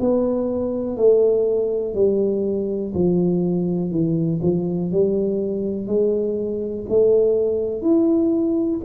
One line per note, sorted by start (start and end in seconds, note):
0.00 0.96 B3
0.96 1.94 A3
1.94 2.92 G3
2.94 3.91 F3
3.91 4.40 E3
4.42 4.91 F3
4.91 5.87 G3
5.87 6.85 G#3
6.89 7.82 A3
7.82 8.80 E4